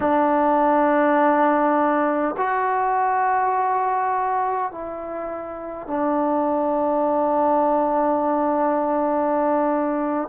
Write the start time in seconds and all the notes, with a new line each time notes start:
0.00 D4
2.37 F#4
4.71 E4
5.87 D4